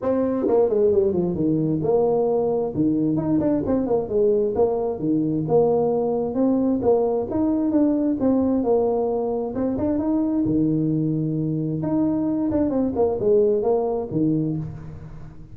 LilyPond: \new Staff \with { instrumentName = "tuba" } { \time 4/4 \tempo 4 = 132 c'4 ais8 gis8 g8 f8 dis4 | ais2 dis4 dis'8 d'8 | c'8 ais8 gis4 ais4 dis4 | ais2 c'4 ais4 |
dis'4 d'4 c'4 ais4~ | ais4 c'8 d'8 dis'4 dis4~ | dis2 dis'4. d'8 | c'8 ais8 gis4 ais4 dis4 | }